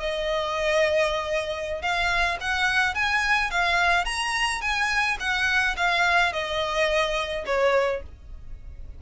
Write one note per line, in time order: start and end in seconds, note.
0.00 1.82 D#5
1.82 2.38 F5
2.41 2.95 F#5
2.95 3.51 G#5
3.51 4.06 F5
4.06 4.62 A#5
4.62 5.18 G#5
5.20 5.76 F#5
5.77 6.33 F5
6.33 7.45 D#5
7.46 8.02 C#5